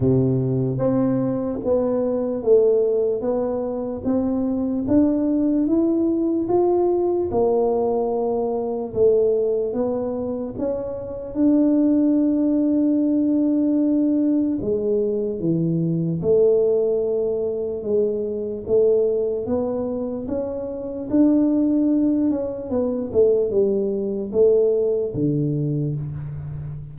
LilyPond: \new Staff \with { instrumentName = "tuba" } { \time 4/4 \tempo 4 = 74 c4 c'4 b4 a4 | b4 c'4 d'4 e'4 | f'4 ais2 a4 | b4 cis'4 d'2~ |
d'2 gis4 e4 | a2 gis4 a4 | b4 cis'4 d'4. cis'8 | b8 a8 g4 a4 d4 | }